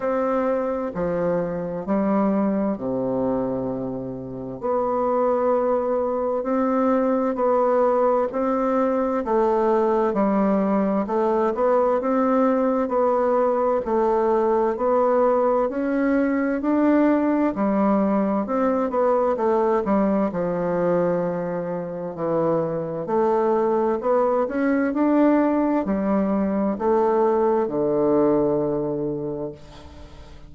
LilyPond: \new Staff \with { instrumentName = "bassoon" } { \time 4/4 \tempo 4 = 65 c'4 f4 g4 c4~ | c4 b2 c'4 | b4 c'4 a4 g4 | a8 b8 c'4 b4 a4 |
b4 cis'4 d'4 g4 | c'8 b8 a8 g8 f2 | e4 a4 b8 cis'8 d'4 | g4 a4 d2 | }